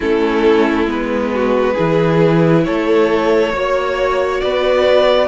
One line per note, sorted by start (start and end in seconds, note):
0.00 0.86 A3
0.00 0.87 C#4
0.00 1.32 E4
0.00 0.89 A4
0.86 1.74 G#3
0.86 1.75 B3
0.86 2.64 B4
1.34 1.74 F#4
1.74 2.67 E3
1.74 3.51 E4
1.74 2.62 G#4
2.64 3.53 A3
2.64 3.53 A4
2.64 4.40 C#5
3.53 4.41 A#3
3.53 5.28 F#4
3.53 4.41 C#5
4.40 5.28 B3
4.40 5.28 B4
4.40 5.28 D5